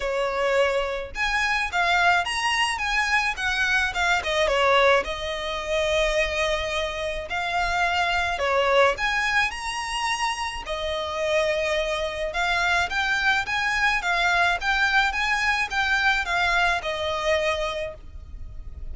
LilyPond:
\new Staff \with { instrumentName = "violin" } { \time 4/4 \tempo 4 = 107 cis''2 gis''4 f''4 | ais''4 gis''4 fis''4 f''8 dis''8 | cis''4 dis''2.~ | dis''4 f''2 cis''4 |
gis''4 ais''2 dis''4~ | dis''2 f''4 g''4 | gis''4 f''4 g''4 gis''4 | g''4 f''4 dis''2 | }